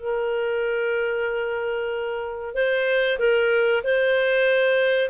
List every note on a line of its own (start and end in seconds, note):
0.00 2.55 A#4
2.55 3.19 C5
3.19 3.83 A#4
3.84 5.10 C5